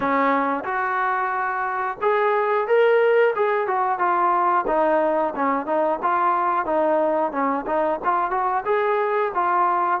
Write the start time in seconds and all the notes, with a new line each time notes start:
0.00 C#4
0.64 F#4
2.02 G#4
2.67 A#4
3.35 G#4
3.67 F#4
3.98 F4
4.67 D#4
5.35 C#4
5.65 D#4
6.02 F4
6.65 D#4
7.32 C#4
7.66 D#4
8.04 F4
8.30 F#4
8.65 G#4
9.34 F4